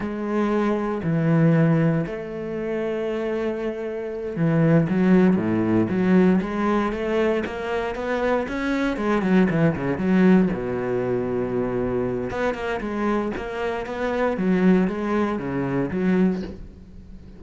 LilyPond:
\new Staff \with { instrumentName = "cello" } { \time 4/4 \tempo 4 = 117 gis2 e2 | a1~ | a8 e4 fis4 a,4 fis8~ | fis8 gis4 a4 ais4 b8~ |
b8 cis'4 gis8 fis8 e8 cis8 fis8~ | fis8 b,2.~ b,8 | b8 ais8 gis4 ais4 b4 | fis4 gis4 cis4 fis4 | }